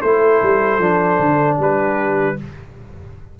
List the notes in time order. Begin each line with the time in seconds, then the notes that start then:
0.00 A3 E4 A4 C5
0.42 G3
0.78 F3 D4
1.19 D3
1.57 G3 G4 B4